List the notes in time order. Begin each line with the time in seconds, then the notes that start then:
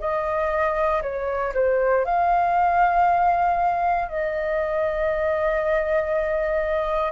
0.00 D#5
1.02 C#5
1.54 C5
2.05 F5
4.08 D#5